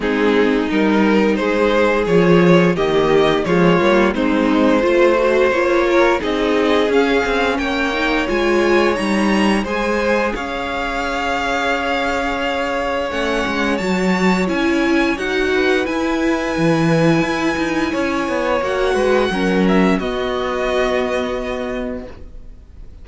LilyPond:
<<
  \new Staff \with { instrumentName = "violin" } { \time 4/4 \tempo 4 = 87 gis'4 ais'4 c''4 cis''4 | dis''4 cis''4 c''2 | cis''4 dis''4 f''4 g''4 | gis''4 ais''4 gis''4 f''4~ |
f''2. fis''4 | a''4 gis''4 fis''4 gis''4~ | gis''2. fis''4~ | fis''8 e''8 dis''2. | }
  \new Staff \with { instrumentName = "violin" } { \time 4/4 dis'2 gis'2 | g'4 f'4 dis'4 c''4~ | c''8 ais'8 gis'2 cis''4~ | cis''2 c''4 cis''4~ |
cis''1~ | cis''2~ cis''8 b'4.~ | b'2 cis''4. b'8 | ais'4 fis'2. | }
  \new Staff \with { instrumentName = "viola" } { \time 4/4 c'4 dis'2 f'4 | ais4 gis8 ais8 c'4 f'8 fis'8 | f'4 dis'4 cis'4. dis'8 | f'4 dis'4 gis'2~ |
gis'2. cis'4 | fis'4 e'4 fis'4 e'4~ | e'2. fis'4 | cis'4 b2. | }
  \new Staff \with { instrumentName = "cello" } { \time 4/4 gis4 g4 gis4 f4 | dis4 f8 g8 gis4 a4 | ais4 c'4 cis'8 c'8 ais4 | gis4 g4 gis4 cis'4~ |
cis'2. a8 gis8 | fis4 cis'4 dis'4 e'4 | e4 e'8 dis'8 cis'8 b8 ais8 gis8 | fis4 b2. | }
>>